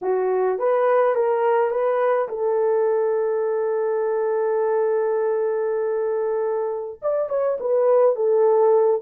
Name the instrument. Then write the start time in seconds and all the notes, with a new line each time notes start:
horn
0.01 F#4
0.58 B4
1.15 A#4
1.70 B4
2.28 A4
7.02 D5
7.29 C#5
7.59 B4
8.15 A4